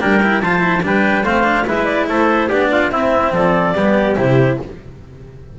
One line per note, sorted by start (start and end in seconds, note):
0.00 0.42 G3
0.00 0.21 D4
0.00 0.43 A#4
0.00 0.41 G5
0.23 0.44 E4
0.41 0.83 F3
0.41 0.59 F4
0.41 0.84 C5
0.41 0.83 A5
0.59 0.80 E4
0.83 1.24 G3
0.83 1.25 D4
0.83 1.24 B4
0.83 1.25 G5
1.24 1.66 A3
1.24 1.44 C4
1.24 1.66 C5
1.24 1.67 F5
1.44 1.64 D4
1.67 2.08 G#3
1.67 2.50 E4
1.67 2.09 B4
1.67 1.85 E5
1.85 2.05 D5
2.08 2.49 A3
2.08 2.48 A4
2.08 2.49 C5
2.48 2.91 B3
2.48 2.92 D4
2.48 2.69 G4
2.48 2.91 D5
2.72 2.93 F4
2.91 3.75 C4
2.91 3.32 C4
2.91 3.34 E4
2.91 3.32 E5
3.32 3.74 F3
3.32 3.76 A4
3.32 4.16 D5
3.75 4.16 G3
3.75 4.16 B3
3.75 4.59 G4
4.16 4.59 C3
4.16 4.58 E4
4.16 4.58 C5